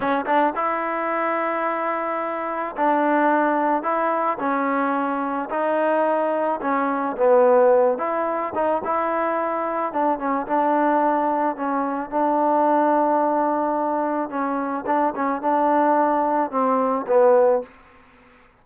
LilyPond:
\new Staff \with { instrumentName = "trombone" } { \time 4/4 \tempo 4 = 109 cis'8 d'8 e'2.~ | e'4 d'2 e'4 | cis'2 dis'2 | cis'4 b4. e'4 dis'8 |
e'2 d'8 cis'8 d'4~ | d'4 cis'4 d'2~ | d'2 cis'4 d'8 cis'8 | d'2 c'4 b4 | }